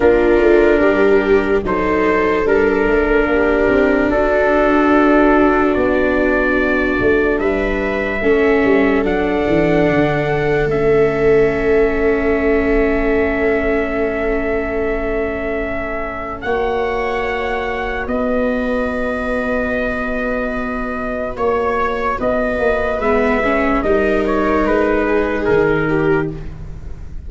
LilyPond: <<
  \new Staff \with { instrumentName = "trumpet" } { \time 4/4 \tempo 4 = 73 ais'2 c''4 ais'4~ | ais'4 a'2 d''4~ | d''4 e''2 fis''4~ | fis''4 e''2.~ |
e''1 | fis''2 dis''2~ | dis''2 cis''4 dis''4 | e''4 dis''8 cis''8 b'4 ais'4 | }
  \new Staff \with { instrumentName = "viola" } { \time 4/4 f'4 g'4 a'2 | g'4 fis'2.~ | fis'4 b'4 a'2~ | a'1~ |
a'1 | cis''2 b'2~ | b'2 cis''4 b'4~ | b'4 ais'4. gis'4 g'8 | }
  \new Staff \with { instrumentName = "viola" } { \time 4/4 d'2 dis'4 d'4~ | d'1~ | d'2 cis'4 d'4~ | d'4 cis'2.~ |
cis'1 | fis'1~ | fis'1 | b8 cis'8 dis'2. | }
  \new Staff \with { instrumentName = "tuba" } { \time 4/4 ais8 a8 g4 fis4 g8 a8 | ais8 c'8 d'2 b4~ | b8 a8 g4 a8 g8 fis8 e8 | d4 a2.~ |
a1 | ais2 b2~ | b2 ais4 b8 ais8 | gis4 g4 gis4 dis4 | }
>>